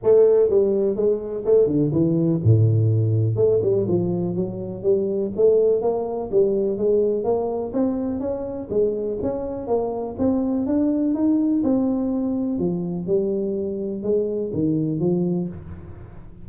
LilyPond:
\new Staff \with { instrumentName = "tuba" } { \time 4/4 \tempo 4 = 124 a4 g4 gis4 a8 d8 | e4 a,2 a8 g8 | f4 fis4 g4 a4 | ais4 g4 gis4 ais4 |
c'4 cis'4 gis4 cis'4 | ais4 c'4 d'4 dis'4 | c'2 f4 g4~ | g4 gis4 dis4 f4 | }